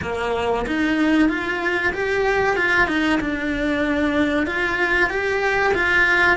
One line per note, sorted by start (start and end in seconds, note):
0.02 0.66 A#3
0.66 1.29 D#4
1.29 1.92 F4
1.93 2.56 G4
2.56 2.87 F4
2.87 3.19 D#4
3.20 4.46 D4
4.46 5.09 F4
5.09 5.73 G4
5.74 6.36 F4